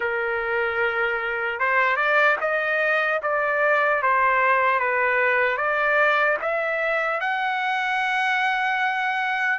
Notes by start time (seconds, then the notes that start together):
0.00 A#4
1.59 C5
1.96 D5
2.40 D#5
3.22 D5
4.02 C5
4.79 B4
5.57 D5
6.41 E5
7.20 F#5